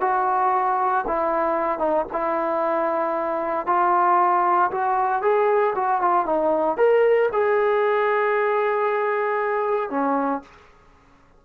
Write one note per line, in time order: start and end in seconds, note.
0.00 1.04 F#4
1.07 1.79 E4
1.79 2.05 D#4
2.12 3.66 E4
3.66 4.71 F4
4.71 5.22 F#4
5.22 5.74 G#4
5.75 6.01 F#4
6.01 6.25 F4
6.25 6.77 D#4
6.77 7.29 A#4
7.32 9.90 G#4
9.90 10.42 C#4